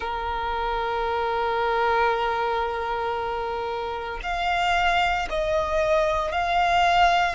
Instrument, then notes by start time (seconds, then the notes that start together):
violin
0.00 A#4
4.22 F5
5.29 D#5
6.32 F5